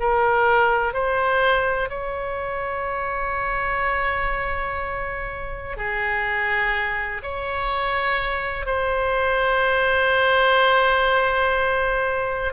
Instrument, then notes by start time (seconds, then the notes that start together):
oboe
0.00 A#4
0.94 C5
1.90 C#5
5.77 G#4
7.23 C#5
8.66 C5